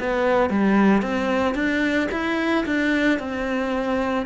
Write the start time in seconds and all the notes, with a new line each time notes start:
0.00 B3
0.50 G3
1.02 C4
1.55 D4
2.11 E4
2.65 D4
3.19 C4